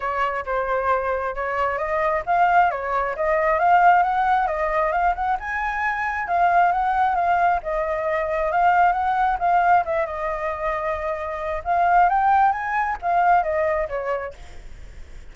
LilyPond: \new Staff \with { instrumentName = "flute" } { \time 4/4 \tempo 4 = 134 cis''4 c''2 cis''4 | dis''4 f''4 cis''4 dis''4 | f''4 fis''4 dis''4 f''8 fis''8 | gis''2 f''4 fis''4 |
f''4 dis''2 f''4 | fis''4 f''4 e''8 dis''4.~ | dis''2 f''4 g''4 | gis''4 f''4 dis''4 cis''4 | }